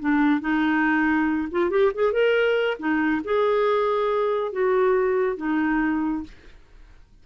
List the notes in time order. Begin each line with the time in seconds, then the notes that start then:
0.00 D4
0.41 D#4
1.51 F4
1.70 G4
1.95 G#4
2.13 A#4
2.79 D#4
3.25 G#4
4.52 F#4
5.37 D#4